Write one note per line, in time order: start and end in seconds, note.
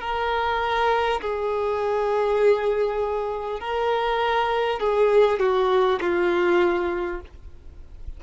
0.00 1.20 A#4
1.21 3.60 G#4
3.60 4.79 A#4
4.79 5.39 G#4
5.39 5.99 F#4
6.01 7.21 F4